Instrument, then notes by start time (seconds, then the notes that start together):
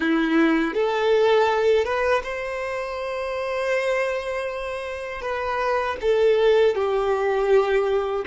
violin
0.00 E4
0.73 A4
1.84 B4
2.23 C5
5.21 B4
6.01 A4
6.75 G4